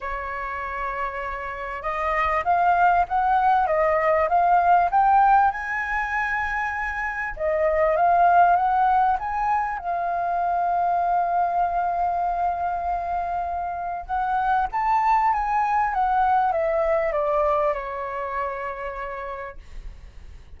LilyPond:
\new Staff \with { instrumentName = "flute" } { \time 4/4 \tempo 4 = 98 cis''2. dis''4 | f''4 fis''4 dis''4 f''4 | g''4 gis''2. | dis''4 f''4 fis''4 gis''4 |
f''1~ | f''2. fis''4 | a''4 gis''4 fis''4 e''4 | d''4 cis''2. | }